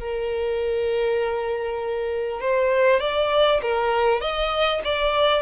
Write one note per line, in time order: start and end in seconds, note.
0.00 2.41 A#4
2.41 3.00 C5
3.00 3.61 D5
3.63 4.21 A#4
4.21 4.82 D#5
4.85 5.42 D5